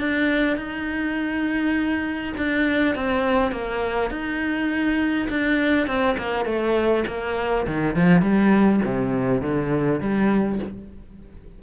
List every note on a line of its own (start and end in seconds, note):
0.00 0.57 D4
0.57 2.34 D#4
2.37 2.95 D4
2.95 3.52 C4
3.52 4.10 A#3
4.10 5.28 D#4
5.30 5.87 D4
5.87 6.17 C4
6.18 6.45 A#3
6.45 7.04 A3
7.08 7.67 A#3
7.67 7.96 D#3
7.96 8.22 F3
8.22 8.81 G3
8.85 9.42 C3
9.42 10.01 D3
10.01 10.60 G3